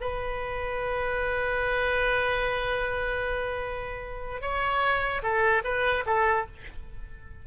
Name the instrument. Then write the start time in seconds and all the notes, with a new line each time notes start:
oboe
0.00 B4
4.41 C#5
5.22 A4
5.64 B4
6.06 A4